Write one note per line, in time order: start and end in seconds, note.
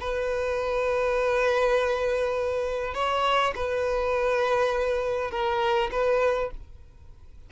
0.00 2.94 B4
2.94 3.54 C#5
3.56 5.31 B4
5.31 5.90 A#4
5.91 6.51 B4